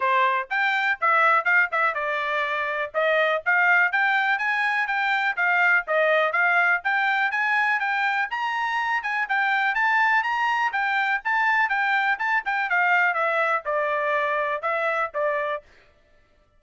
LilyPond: \new Staff \with { instrumentName = "trumpet" } { \time 4/4 \tempo 4 = 123 c''4 g''4 e''4 f''8 e''8 | d''2 dis''4 f''4 | g''4 gis''4 g''4 f''4 | dis''4 f''4 g''4 gis''4 |
g''4 ais''4. gis''8 g''4 | a''4 ais''4 g''4 a''4 | g''4 a''8 g''8 f''4 e''4 | d''2 e''4 d''4 | }